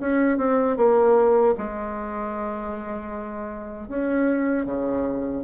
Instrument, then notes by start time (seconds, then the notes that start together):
bassoon
0.00 C#4
0.38 C4
0.77 A#3
1.58 G#3
3.89 C#4
4.65 C#3